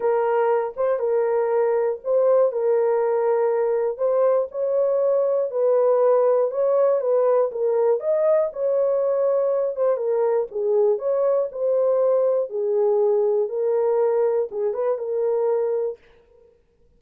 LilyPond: \new Staff \with { instrumentName = "horn" } { \time 4/4 \tempo 4 = 120 ais'4. c''8 ais'2 | c''4 ais'2. | c''4 cis''2 b'4~ | b'4 cis''4 b'4 ais'4 |
dis''4 cis''2~ cis''8 c''8 | ais'4 gis'4 cis''4 c''4~ | c''4 gis'2 ais'4~ | ais'4 gis'8 b'8 ais'2 | }